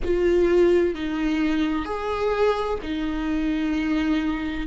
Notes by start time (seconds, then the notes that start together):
0.03 F4
0.95 D#4
1.85 G#4
2.82 D#4